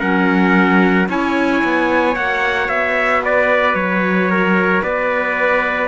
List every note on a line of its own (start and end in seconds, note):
0.00 1.09 F#3
0.00 1.07 C#4
0.00 1.08 A#4
0.00 1.08 F#5
1.09 1.63 C#4
1.09 2.15 E4
1.09 3.24 C#5
1.09 2.16 G#5
1.65 2.16 B3
2.15 2.69 A#3
2.15 5.88 F#4
2.15 2.69 F#5
2.69 3.75 B3
2.69 3.23 E5
3.24 4.31 B4
3.24 3.75 D5
3.75 4.82 F#3
3.75 4.83 C#5
4.31 4.82 A#4
4.82 5.88 B3
4.82 5.88 B4
4.82 5.88 D5